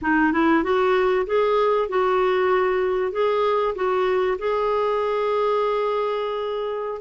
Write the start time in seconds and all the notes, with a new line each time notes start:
0.01 D#4
0.32 E4
0.63 F#4
1.26 G#4
1.89 F#4
3.12 G#4
3.75 F#4
4.38 G#4